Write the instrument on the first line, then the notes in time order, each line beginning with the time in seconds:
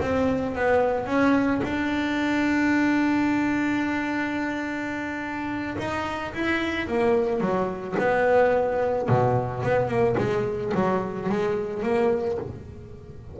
double bass
0.00 C4
0.55 B3
1.06 C#4
1.63 D4
5.78 D#4
6.34 E4
6.87 A#3
7.40 F#3
7.99 B3
9.09 B2
9.63 B3
9.88 A#3
10.17 G#3
10.74 F#3
11.29 G#3
11.82 A#3